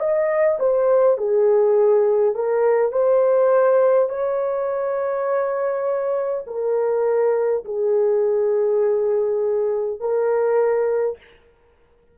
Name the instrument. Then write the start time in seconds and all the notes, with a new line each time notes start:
horn
0.00 D#5
0.59 C5
1.18 G#4
2.35 A#4
2.93 C5
4.10 C#5
6.47 A#4
7.65 G#4
10.01 A#4